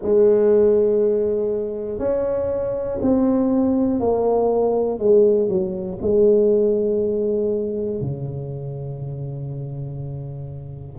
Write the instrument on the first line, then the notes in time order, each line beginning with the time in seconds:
tuba
0.02 G#3
1.98 C#4
3.01 C4
4.00 A#3
4.98 G#3
5.48 F#3
6.01 G#3
8.00 C#3